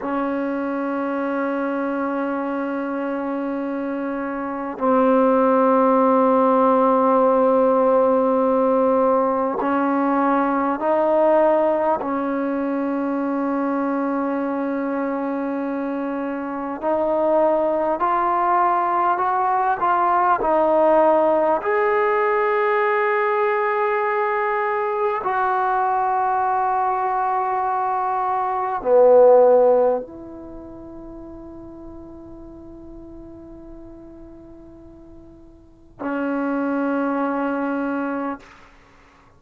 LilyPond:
\new Staff \with { instrumentName = "trombone" } { \time 4/4 \tempo 4 = 50 cis'1 | c'1 | cis'4 dis'4 cis'2~ | cis'2 dis'4 f'4 |
fis'8 f'8 dis'4 gis'2~ | gis'4 fis'2. | b4 e'2.~ | e'2 cis'2 | }